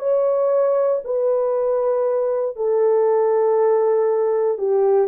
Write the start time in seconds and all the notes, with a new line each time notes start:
0.00 C#5
1.05 B4
2.57 A4
4.59 G4